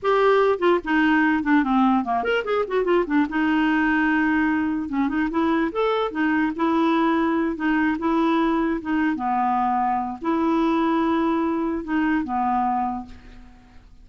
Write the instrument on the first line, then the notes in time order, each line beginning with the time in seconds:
clarinet
0.02 G4
0.58 F4
0.84 D#4
1.43 D4
1.63 C4
2.04 A#3
2.23 A#4
2.44 G#4
2.67 F#4
2.84 F4
3.06 D4
3.29 D#4
4.88 C#4
5.08 D#4
5.30 E4
5.72 A4
6.11 D#4
6.56 E4
7.55 D#4
7.98 E4
8.81 D#4
9.15 B3
10.21 E4
11.83 D#4
12.24 B3